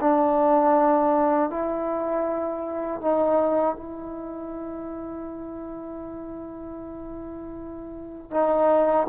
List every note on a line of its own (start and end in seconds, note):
0.00 1.50 D4
1.50 3.01 E4
3.01 3.75 D#4
3.75 8.31 E4
8.31 9.07 D#4